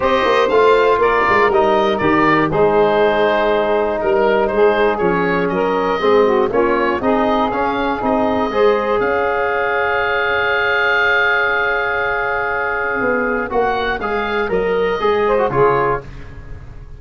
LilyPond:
<<
  \new Staff \with { instrumentName = "oboe" } { \time 4/4 \tempo 4 = 120 dis''4 f''4 d''4 dis''4 | d''4 c''2. | ais'4 c''4 cis''4 dis''4~ | dis''4 cis''4 dis''4 f''4 |
dis''2 f''2~ | f''1~ | f''2. fis''4 | f''4 dis''2 cis''4 | }
  \new Staff \with { instrumentName = "saxophone" } { \time 4/4 c''2 ais'2~ | ais'4 gis'2. | ais'4 gis'2 ais'4 | gis'8 fis'8 f'4 gis'2~ |
gis'4 c''4 cis''2~ | cis''1~ | cis''1~ | cis''2~ cis''8 c''8 gis'4 | }
  \new Staff \with { instrumentName = "trombone" } { \time 4/4 g'4 f'2 dis'4 | g'4 dis'2.~ | dis'2 cis'2 | c'4 cis'4 dis'4 cis'4 |
dis'4 gis'2.~ | gis'1~ | gis'2. fis'4 | gis'4 ais'4 gis'8. fis'16 f'4 | }
  \new Staff \with { instrumentName = "tuba" } { \time 4/4 c'8 ais8 a4 ais8 gis8 g4 | dis4 gis2. | g4 gis4 f4 fis4 | gis4 ais4 c'4 cis'4 |
c'4 gis4 cis'2~ | cis'1~ | cis'2 b4 ais4 | gis4 fis4 gis4 cis4 | }
>>